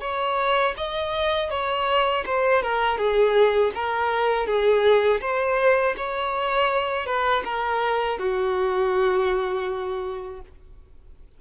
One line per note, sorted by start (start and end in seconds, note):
0.00 0.74 C#5
0.77 1.50 D#5
1.50 2.24 C#5
2.26 2.62 C5
2.62 2.97 A#4
2.97 3.71 G#4
3.74 4.46 A#4
4.46 5.20 G#4
5.21 5.95 C5
5.97 7.06 C#5
7.06 7.43 B4
7.44 8.18 A#4
8.18 10.40 F#4